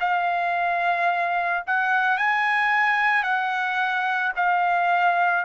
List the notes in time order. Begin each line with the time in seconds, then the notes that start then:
0.00 F5
1.67 F#5
2.18 G#5
3.23 F#5
4.36 F5